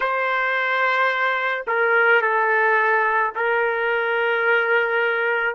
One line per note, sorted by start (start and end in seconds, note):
0.00 1.64 C5
1.67 2.21 A#4
2.21 3.32 A4
3.35 5.55 A#4